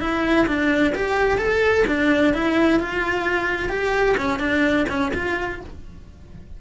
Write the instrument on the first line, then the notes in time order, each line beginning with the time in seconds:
cello
0.00 E4
0.47 D4
0.95 G4
1.38 A4
1.87 D4
2.34 E4
2.80 F4
3.69 G4
4.17 C#4
4.39 D4
4.89 C#4
5.14 F4